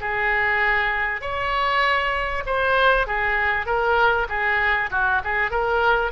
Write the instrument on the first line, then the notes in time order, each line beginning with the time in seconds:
oboe
0.00 G#4
1.21 C#5
2.46 C5
3.07 G#4
3.66 A#4
4.29 G#4
4.91 F#4
5.24 G#4
5.50 A#4